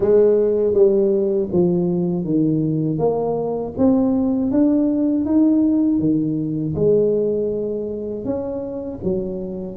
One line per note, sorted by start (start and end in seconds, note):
0.00 0.73 G#3
0.73 1.48 G3
1.52 2.24 F3
2.24 2.98 D#3
2.98 3.73 A#3
3.77 4.51 C4
4.51 5.25 D4
5.25 5.99 D#4
5.99 6.74 D#3
6.75 8.24 G#3
8.24 8.99 C#4
9.03 9.76 F#3